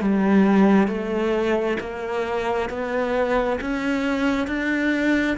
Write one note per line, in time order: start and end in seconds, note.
0.00 0.88 G3
0.88 1.77 A3
1.80 2.69 A#3
2.69 3.59 B3
3.61 4.47 C#4
4.47 5.36 D4